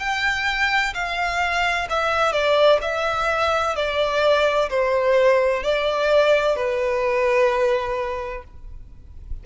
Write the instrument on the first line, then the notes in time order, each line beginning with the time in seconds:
violin
0.00 G5
0.94 F5
1.90 E5
2.33 D5
2.82 E5
3.76 D5
4.70 C5
5.63 D5
6.56 B4